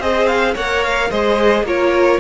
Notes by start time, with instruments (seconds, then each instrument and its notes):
0.00 cello C4, viola G#4, violin C5 D#5
0.27 violin F5
0.55 cello A#3, viola A#4, violin C#5 F#5
0.84 violin F5
1.10 cello G#3, viola G#4, violin C5 D#5
1.63 cello A#3, viola F4, violin A#4 C#5